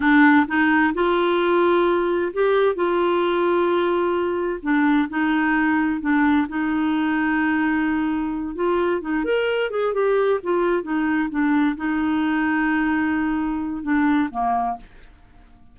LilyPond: \new Staff \with { instrumentName = "clarinet" } { \time 4/4 \tempo 4 = 130 d'4 dis'4 f'2~ | f'4 g'4 f'2~ | f'2 d'4 dis'4~ | dis'4 d'4 dis'2~ |
dis'2~ dis'8 f'4 dis'8 | ais'4 gis'8 g'4 f'4 dis'8~ | dis'8 d'4 dis'2~ dis'8~ | dis'2 d'4 ais4 | }